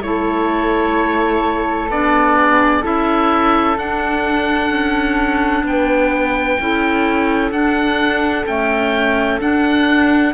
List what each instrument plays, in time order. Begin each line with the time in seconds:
0.00 cello A3, clarinet E4, flute A4, oboe C#5
1.89 cello B3, clarinet D4, oboe D5
2.37 flute G#4
2.81 cello C#4, clarinet E4, flute A4, oboe E5
3.77 clarinet D4, cello D4, oboe F#5
4.70 cello C#4
5.63 cello B3, oboe G5
5.69 flute B4
6.59 cello C#4, clarinet E4, flute A4
7.51 cello D4, clarinet D4, oboe F#5
8.46 clarinet A3, cello C#4, oboe G5
9.39 clarinet D4, cello D4, oboe F#5